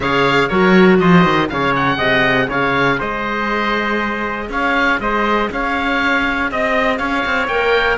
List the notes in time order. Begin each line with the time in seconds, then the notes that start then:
0.00 C#3 G#4 C#5 F5
0.48 F#3 F#4 A#4 C#5
0.98 F3 C5 D#5
1.24 D#3
1.47 C#3 G#4 C#5 F5
1.75 F#5
1.97 C3 D#5
2.48 C#3 C#5 F5
2.98 G#3 C5 D#5
4.49 C#4 C#5 F5
4.99 G#3 C5 D#5
5.51 C#4 C#5 F5
6.51 C4 D#5
6.97 C#4 C#5 F5
7.25 C4
7.47 A#3 A#4 G5